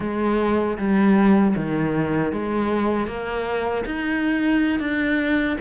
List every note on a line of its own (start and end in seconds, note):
0.00 0.77 G#3
0.77 1.54 G3
1.56 2.32 D#3
2.32 3.07 G#3
3.07 3.84 A#3
3.85 4.79 D#4
4.79 5.56 D4